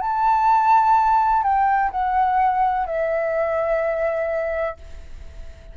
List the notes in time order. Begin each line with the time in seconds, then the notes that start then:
0.00 A5
1.43 G5
1.91 F#5
2.86 E5